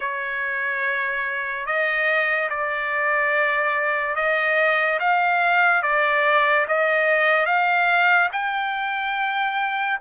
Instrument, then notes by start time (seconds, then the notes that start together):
trumpet
0.00 C#5
1.66 D#5
2.49 D5
4.15 D#5
4.99 F5
5.82 D5
6.68 D#5
7.46 F5
8.32 G5